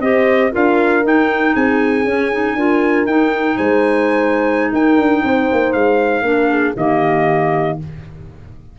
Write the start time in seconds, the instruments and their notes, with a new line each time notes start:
0.00 tuba C4, clarinet G4, horn C5, trumpet D#5
0.51 tuba D4, clarinet F4, horn A#4, trumpet F5
1.02 clarinet D#4, tuba D#4, trumpet G5
1.53 tuba C4, horn G#4, trumpet G#5
2.04 tuba C#4, clarinet C#4
2.31 clarinet D#4
2.55 tuba D4, clarinet F4, horn A#4
3.06 tuba D#4, clarinet D#4, trumpet G5
3.56 tuba G#3, horn C5, trumpet G#5
4.71 tuba D#4, horn A#4, trumpet G5
4.97 tuba D4
5.23 tuba C4, horn C5
5.51 tuba A#3
5.72 tuba G#3, trumpet F5
6.21 tuba A#3, clarinet D4, horn A#4
6.50 horn G#4
6.76 tuba D#3, clarinet A#3, horn G4, trumpet D#5